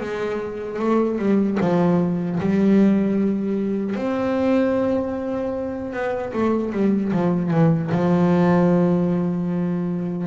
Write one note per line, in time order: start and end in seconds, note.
0.00 0.79 G#3
0.79 1.18 A3
1.18 1.58 G3
1.60 2.39 F3
2.40 3.95 G3
3.95 5.93 C4
5.93 6.32 B3
6.33 6.72 A3
6.72 7.12 G3
7.12 7.51 F3
7.51 7.90 E3
7.91 10.27 F3